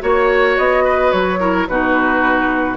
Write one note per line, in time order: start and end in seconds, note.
0.00 0.57 A#3
0.00 1.38 F#4
0.00 0.84 C#5
0.00 0.58 C#5
0.58 1.13 B3
0.58 1.12 D#5
0.84 1.39 B4
1.12 1.68 F#3
1.12 1.67 C#5
1.40 1.68 E4
1.40 1.67 A#4
1.67 2.76 B2
1.67 2.76 D#4
1.67 2.76 F#4
1.67 2.76 B4